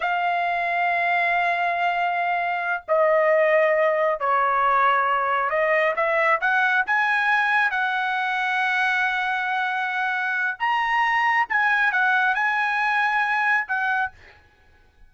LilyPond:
\new Staff \with { instrumentName = "trumpet" } { \time 4/4 \tempo 4 = 136 f''1~ | f''2~ f''8 dis''4.~ | dis''4. cis''2~ cis''8~ | cis''8 dis''4 e''4 fis''4 gis''8~ |
gis''4. fis''2~ fis''8~ | fis''1 | ais''2 gis''4 fis''4 | gis''2. fis''4 | }